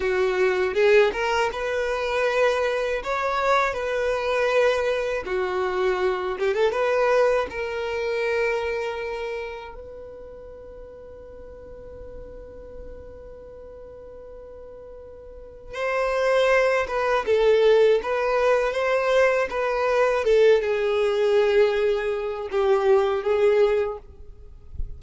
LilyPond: \new Staff \with { instrumentName = "violin" } { \time 4/4 \tempo 4 = 80 fis'4 gis'8 ais'8 b'2 | cis''4 b'2 fis'4~ | fis'8 g'16 a'16 b'4 ais'2~ | ais'4 b'2.~ |
b'1~ | b'4 c''4. b'8 a'4 | b'4 c''4 b'4 a'8 gis'8~ | gis'2 g'4 gis'4 | }